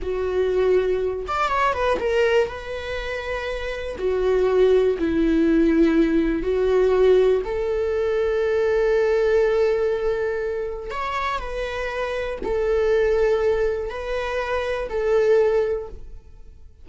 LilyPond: \new Staff \with { instrumentName = "viola" } { \time 4/4 \tempo 4 = 121 fis'2~ fis'8 d''8 cis''8 b'8 | ais'4 b'2. | fis'2 e'2~ | e'4 fis'2 a'4~ |
a'1~ | a'2 cis''4 b'4~ | b'4 a'2. | b'2 a'2 | }